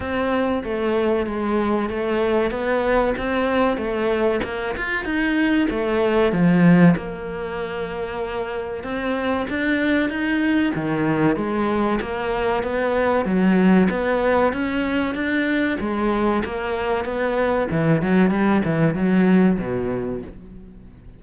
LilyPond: \new Staff \with { instrumentName = "cello" } { \time 4/4 \tempo 4 = 95 c'4 a4 gis4 a4 | b4 c'4 a4 ais8 f'8 | dis'4 a4 f4 ais4~ | ais2 c'4 d'4 |
dis'4 dis4 gis4 ais4 | b4 fis4 b4 cis'4 | d'4 gis4 ais4 b4 | e8 fis8 g8 e8 fis4 b,4 | }